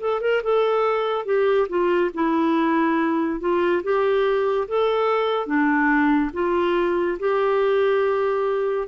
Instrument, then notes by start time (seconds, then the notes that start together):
clarinet
0.00 A4
0.21 A#4
0.43 A4
1.25 G4
1.69 F4
2.14 E4
3.40 F4
3.83 G4
4.68 A4
5.46 D4
6.33 F4
7.19 G4